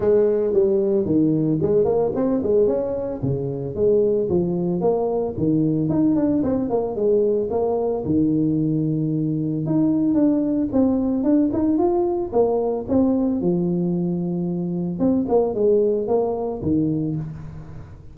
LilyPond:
\new Staff \with { instrumentName = "tuba" } { \time 4/4 \tempo 4 = 112 gis4 g4 dis4 gis8 ais8 | c'8 gis8 cis'4 cis4 gis4 | f4 ais4 dis4 dis'8 d'8 | c'8 ais8 gis4 ais4 dis4~ |
dis2 dis'4 d'4 | c'4 d'8 dis'8 f'4 ais4 | c'4 f2. | c'8 ais8 gis4 ais4 dis4 | }